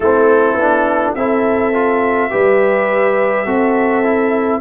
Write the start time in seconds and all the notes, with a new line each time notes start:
0.00 A3 C4 E4 A4
0.54 B3 D4
1.14 C4 E4 A4 E5
1.73 F4
2.30 G3 G4 B4
3.45 C4 F#4 A4
4.03 E4